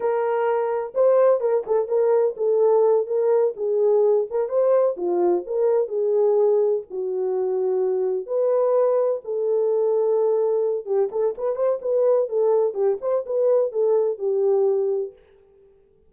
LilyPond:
\new Staff \with { instrumentName = "horn" } { \time 4/4 \tempo 4 = 127 ais'2 c''4 ais'8 a'8 | ais'4 a'4. ais'4 gis'8~ | gis'4 ais'8 c''4 f'4 ais'8~ | ais'8 gis'2 fis'4.~ |
fis'4. b'2 a'8~ | a'2. g'8 a'8 | b'8 c''8 b'4 a'4 g'8 c''8 | b'4 a'4 g'2 | }